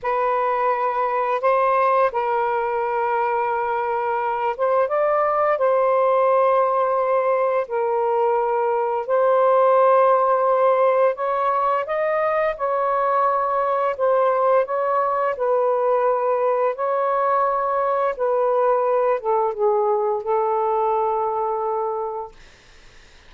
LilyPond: \new Staff \with { instrumentName = "saxophone" } { \time 4/4 \tempo 4 = 86 b'2 c''4 ais'4~ | ais'2~ ais'8 c''8 d''4 | c''2. ais'4~ | ais'4 c''2. |
cis''4 dis''4 cis''2 | c''4 cis''4 b'2 | cis''2 b'4. a'8 | gis'4 a'2. | }